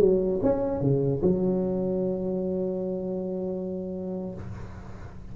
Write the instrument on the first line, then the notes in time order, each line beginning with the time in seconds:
tuba
0.00 F#3
0.43 C#4
0.81 C#3
1.22 F#3